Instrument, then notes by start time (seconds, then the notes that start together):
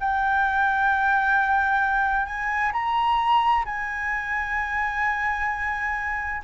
flute
0.00 G5
2.26 G#5
2.72 A#5
3.65 G#5